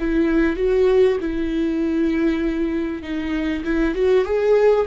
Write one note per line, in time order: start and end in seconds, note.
0.00 0.57 E4
0.57 1.18 F#4
1.21 3.03 E4
3.03 3.64 D#4
3.64 3.95 E4
3.95 4.25 F#4
4.25 4.86 G#4